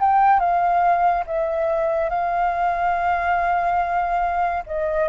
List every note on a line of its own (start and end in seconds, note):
0.00 0.40 G5
0.40 1.24 F5
1.27 2.10 E5
2.10 4.64 F5
4.67 5.09 D#5